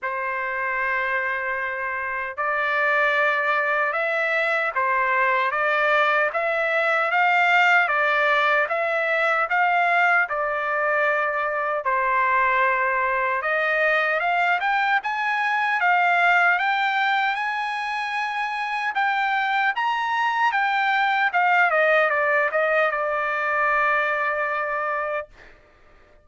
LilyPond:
\new Staff \with { instrumentName = "trumpet" } { \time 4/4 \tempo 4 = 76 c''2. d''4~ | d''4 e''4 c''4 d''4 | e''4 f''4 d''4 e''4 | f''4 d''2 c''4~ |
c''4 dis''4 f''8 g''8 gis''4 | f''4 g''4 gis''2 | g''4 ais''4 g''4 f''8 dis''8 | d''8 dis''8 d''2. | }